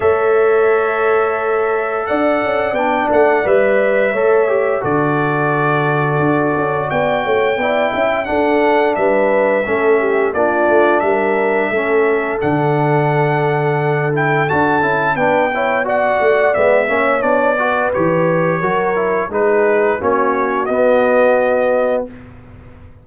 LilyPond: <<
  \new Staff \with { instrumentName = "trumpet" } { \time 4/4 \tempo 4 = 87 e''2. fis''4 | g''8 fis''8 e''2 d''4~ | d''2 g''2 | fis''4 e''2 d''4 |
e''2 fis''2~ | fis''8 g''8 a''4 g''4 fis''4 | e''4 d''4 cis''2 | b'4 cis''4 dis''2 | }
  \new Staff \with { instrumentName = "horn" } { \time 4/4 cis''2. d''4~ | d''2 cis''4 a'4~ | a'2 d''8 cis''8 d''8 e''8 | a'4 b'4 a'8 g'8 f'4 |
ais'4 a'2.~ | a'2 b'8 cis''8 d''4~ | d''8 cis''4 b'4. ais'4 | gis'4 fis'2. | }
  \new Staff \with { instrumentName = "trombone" } { \time 4/4 a'1 | d'4 b'4 a'8 g'8 fis'4~ | fis'2. e'4 | d'2 cis'4 d'4~ |
d'4 cis'4 d'2~ | d'8 e'8 fis'8 e'8 d'8 e'8 fis'4 | b8 cis'8 d'8 fis'8 g'4 fis'8 e'8 | dis'4 cis'4 b2 | }
  \new Staff \with { instrumentName = "tuba" } { \time 4/4 a2. d'8 cis'8 | b8 a8 g4 a4 d4~ | d4 d'8 cis'8 b8 a8 b8 cis'8 | d'4 g4 a4 ais8 a8 |
g4 a4 d2~ | d4 d'8 cis'8 b4. a8 | gis8 ais8 b4 e4 fis4 | gis4 ais4 b2 | }
>>